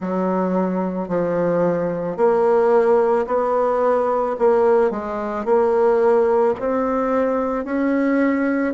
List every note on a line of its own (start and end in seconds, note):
0.00 1.08 F#3
1.08 2.16 F3
2.16 3.25 A#3
3.27 4.36 B3
4.38 4.90 A#3
4.90 5.45 G#3
5.45 6.54 A#3
6.60 7.65 C4
7.65 8.74 C#4